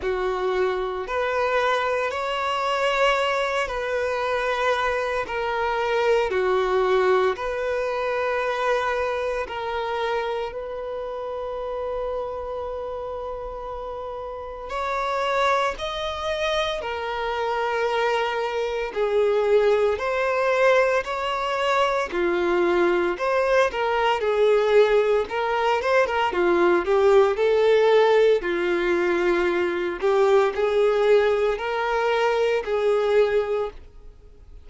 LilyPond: \new Staff \with { instrumentName = "violin" } { \time 4/4 \tempo 4 = 57 fis'4 b'4 cis''4. b'8~ | b'4 ais'4 fis'4 b'4~ | b'4 ais'4 b'2~ | b'2 cis''4 dis''4 |
ais'2 gis'4 c''4 | cis''4 f'4 c''8 ais'8 gis'4 | ais'8 c''16 ais'16 f'8 g'8 a'4 f'4~ | f'8 g'8 gis'4 ais'4 gis'4 | }